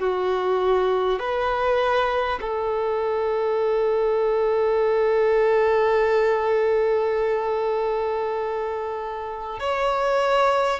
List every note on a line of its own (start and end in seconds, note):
0.00 1.19 F#4
1.19 2.39 B4
2.41 9.60 A4
9.60 10.80 C#5